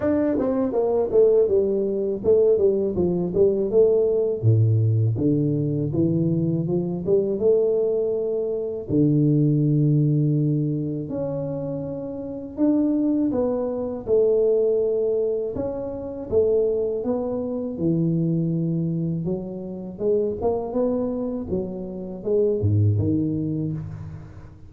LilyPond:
\new Staff \with { instrumentName = "tuba" } { \time 4/4 \tempo 4 = 81 d'8 c'8 ais8 a8 g4 a8 g8 | f8 g8 a4 a,4 d4 | e4 f8 g8 a2 | d2. cis'4~ |
cis'4 d'4 b4 a4~ | a4 cis'4 a4 b4 | e2 fis4 gis8 ais8 | b4 fis4 gis8 gis,8 dis4 | }